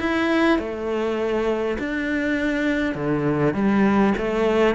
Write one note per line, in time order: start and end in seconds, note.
0.00 0.59 E4
0.59 1.78 A3
1.79 2.95 D4
2.95 3.55 D3
3.55 4.14 G3
4.18 4.76 A3